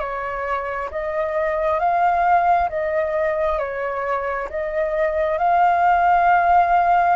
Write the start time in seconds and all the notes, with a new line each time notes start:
0.00 C#5
0.91 D#5
1.80 F5
2.69 D#5
3.59 C#5
4.50 D#5
5.38 F5